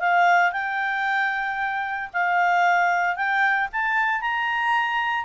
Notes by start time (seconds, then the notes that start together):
0.00 F5
0.52 G5
2.14 F5
3.16 G5
3.72 A5
4.21 A#5